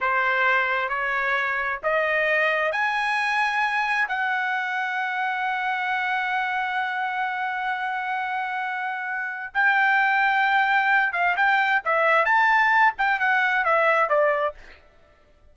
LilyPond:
\new Staff \with { instrumentName = "trumpet" } { \time 4/4 \tempo 4 = 132 c''2 cis''2 | dis''2 gis''2~ | gis''4 fis''2.~ | fis''1~ |
fis''1~ | fis''4 g''2.~ | g''8 f''8 g''4 e''4 a''4~ | a''8 g''8 fis''4 e''4 d''4 | }